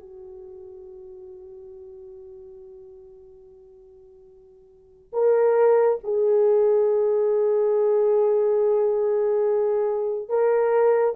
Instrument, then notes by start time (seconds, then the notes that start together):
horn
0.00 F#4
5.13 A#4
6.04 G#4
10.29 A#4